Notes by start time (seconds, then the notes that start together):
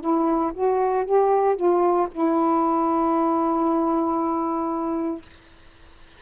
0.00 E4
0.54 F#4
1.05 G4
1.56 F4
2.12 E4